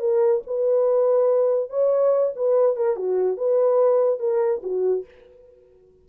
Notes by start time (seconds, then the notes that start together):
0.00 A#4
0.47 B4
1.70 C#5
2.36 B4
2.76 A#4
2.96 F#4
3.37 B4
4.20 A#4
4.63 F#4